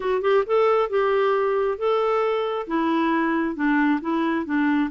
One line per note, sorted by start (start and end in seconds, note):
0.00 0.21 F#4
0.21 0.43 G4
0.46 0.89 A4
0.89 1.78 G4
1.78 2.67 A4
2.67 3.55 E4
3.55 4.00 D4
4.01 4.45 E4
4.45 4.90 D4